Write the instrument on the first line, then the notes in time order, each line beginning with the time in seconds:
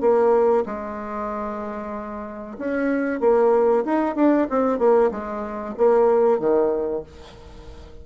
bassoon
0.00 A#3
0.65 G#3
2.58 C#4
3.20 A#3
3.84 D#4
4.15 D4
4.50 C4
4.78 A#3
5.11 G#3
5.77 A#3
6.39 D#3